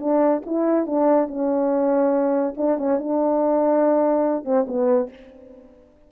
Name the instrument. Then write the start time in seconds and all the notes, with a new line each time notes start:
horn
0.00 D4
0.46 E4
0.86 D4
1.28 C#4
2.57 D4
2.78 C#4
2.99 D4
4.45 C4
4.67 B3